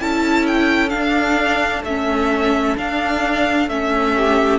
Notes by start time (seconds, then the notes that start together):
0.00 C#4 E4 A4 A5
0.47 G5
0.90 D4 F5
1.83 A3 C#4 E5
2.77 D4 F5
3.69 A3 C#4 E5
4.16 G4